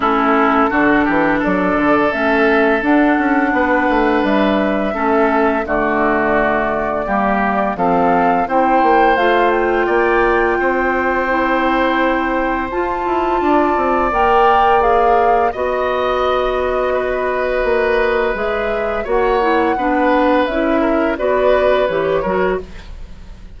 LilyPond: <<
  \new Staff \with { instrumentName = "flute" } { \time 4/4 \tempo 4 = 85 a'2 d''4 e''4 | fis''2 e''2 | d''2. f''4 | g''4 f''8 g''2~ g''8~ |
g''2 a''2 | g''4 f''4 dis''2~ | dis''2 e''4 fis''4~ | fis''4 e''4 d''4 cis''4 | }
  \new Staff \with { instrumentName = "oboe" } { \time 4/4 e'4 fis'8 g'8 a'2~ | a'4 b'2 a'4 | fis'2 g'4 a'4 | c''2 d''4 c''4~ |
c''2. d''4~ | d''2 dis''2 | b'2. cis''4 | b'4. ais'8 b'4. ais'8 | }
  \new Staff \with { instrumentName = "clarinet" } { \time 4/4 cis'4 d'2 cis'4 | d'2. cis'4 | a2 ais4 c'4 | e'4 f'2. |
e'2 f'2 | ais'4 gis'4 fis'2~ | fis'2 gis'4 fis'8 e'8 | d'4 e'4 fis'4 g'8 fis'8 | }
  \new Staff \with { instrumentName = "bassoon" } { \time 4/4 a4 d8 e8 fis8 d8 a4 | d'8 cis'8 b8 a8 g4 a4 | d2 g4 f4 | c'8 ais8 a4 ais4 c'4~ |
c'2 f'8 e'8 d'8 c'8 | ais2 b2~ | b4 ais4 gis4 ais4 | b4 cis'4 b4 e8 fis8 | }
>>